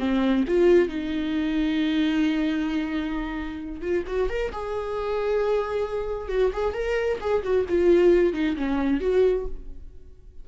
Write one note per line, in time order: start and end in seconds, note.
0.00 0.45 C4
0.48 0.89 F4
0.89 3.82 D#4
3.82 4.05 F4
4.07 4.30 F#4
4.30 4.52 A#4
4.52 6.29 G#4
6.29 6.52 F#4
6.53 6.74 G#4
6.74 7.19 A#4
7.21 7.44 G#4
7.44 7.66 F#4
7.69 8.34 F4
8.34 8.56 D#4
8.57 9.01 C#4
9.01 9.46 F#4